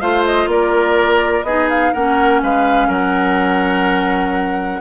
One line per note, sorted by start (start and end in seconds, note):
0.00 0.46 A3
0.00 1.44 F4
0.00 0.49 C5
0.00 0.24 F5
0.25 0.49 D#5
0.46 1.42 A#3
0.46 1.46 A#4
0.46 1.44 D5
1.43 1.91 B3
1.43 1.95 D#4
1.43 1.93 G#4
1.43 1.68 D#5
1.69 1.93 F5
1.93 2.42 A#3
1.93 4.81 C#4
1.93 2.41 A#4
1.93 2.41 F#5
2.42 2.88 G#3
2.42 2.87 B4
2.42 2.91 F5
2.87 4.80 F#3
2.87 4.79 A#4
2.87 4.81 F#5